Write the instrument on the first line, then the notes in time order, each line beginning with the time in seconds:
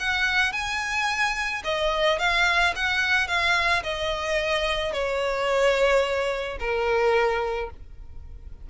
violin
0.00 F#5
0.53 G#5
1.65 D#5
2.19 F5
2.76 F#5
3.28 F5
3.84 D#5
4.93 C#5
6.60 A#4